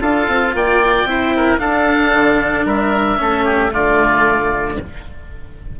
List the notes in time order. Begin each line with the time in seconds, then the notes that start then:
0.00 D4 F4 A4 F5
0.28 C4
0.54 A#3 D5 G5
1.05 C4 E4 C5
1.36 A#4
1.58 D4 A4 F5
2.12 D3
2.65 G3 A#4 E5
3.17 A3 C#4 A4
3.45 G4
3.70 D3 A3 F4 D5